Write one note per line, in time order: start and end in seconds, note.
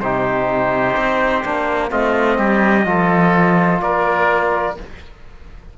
0.00 0.95 C3
0.00 1.44 D#4
0.00 1.89 G4
0.00 1.90 C5
0.96 1.44 C4
1.44 1.91 A#3
1.44 1.89 D4
1.89 2.38 A3
1.89 2.84 C4
1.89 2.37 F4
1.89 3.81 D#5
2.38 2.86 G3
2.38 2.86 G4
2.84 3.81 F3
2.84 4.74 F4
2.84 3.82 A4
3.81 4.77 A#3
3.81 4.77 A#4
3.81 4.76 D5